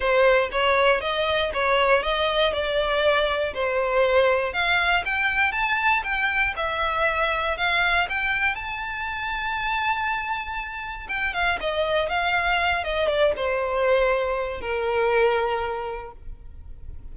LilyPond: \new Staff \with { instrumentName = "violin" } { \time 4/4 \tempo 4 = 119 c''4 cis''4 dis''4 cis''4 | dis''4 d''2 c''4~ | c''4 f''4 g''4 a''4 | g''4 e''2 f''4 |
g''4 a''2.~ | a''2 g''8 f''8 dis''4 | f''4. dis''8 d''8 c''4.~ | c''4 ais'2. | }